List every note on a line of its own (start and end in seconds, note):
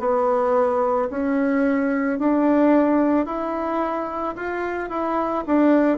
0.00 1.09 B3
1.11 2.19 C#4
2.19 3.26 D4
3.26 4.35 E4
4.36 4.90 F4
4.90 5.44 E4
5.47 5.99 D4